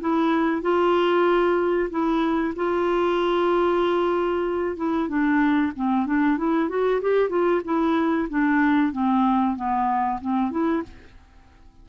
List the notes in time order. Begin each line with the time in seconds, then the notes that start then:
0.00 E4
0.62 F4
1.90 E4
2.56 F4
4.77 E4
5.09 D4
5.76 C4
6.06 D4
6.37 E4
6.69 F#4
7.02 G4
7.30 F4
7.65 E4
8.29 D4
8.92 C4
9.56 B3
10.21 C4
10.51 E4